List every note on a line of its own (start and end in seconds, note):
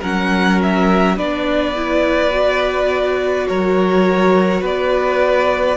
0.00 1.18 F#3
0.00 1.17 C#4
0.00 1.15 A#4
0.00 0.61 F#5
0.62 1.18 E5
1.16 3.49 B3
1.16 1.74 D4
1.16 3.46 B4
1.16 3.47 D5
1.75 2.31 E4
2.31 5.77 F#4
3.47 4.62 F#3
3.47 4.61 A#4
3.47 4.63 C#5
4.61 5.77 B3
4.61 5.77 B4
4.61 5.77 D5